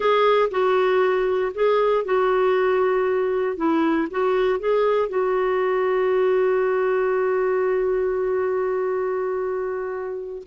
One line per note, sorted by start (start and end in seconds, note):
0.00 0.49 G#4
0.50 1.52 F#4
1.54 2.05 G#4
2.05 3.57 F#4
3.57 4.07 E4
4.10 4.59 F#4
4.59 5.08 G#4
5.08 10.42 F#4